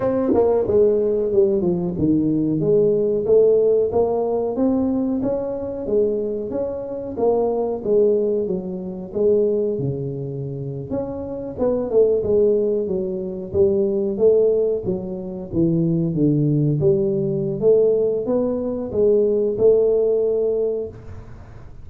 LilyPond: \new Staff \with { instrumentName = "tuba" } { \time 4/4 \tempo 4 = 92 c'8 ais8 gis4 g8 f8 dis4 | gis4 a4 ais4 c'4 | cis'4 gis4 cis'4 ais4 | gis4 fis4 gis4 cis4~ |
cis8. cis'4 b8 a8 gis4 fis16~ | fis8. g4 a4 fis4 e16~ | e8. d4 g4~ g16 a4 | b4 gis4 a2 | }